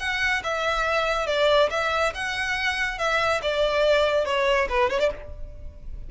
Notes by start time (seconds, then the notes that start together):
0.00 F#5
0.44 E5
1.27 D5
1.70 E5
2.15 F#5
2.99 E5
3.42 D5
4.25 C#5
4.69 B4
4.90 C#5
5.00 D5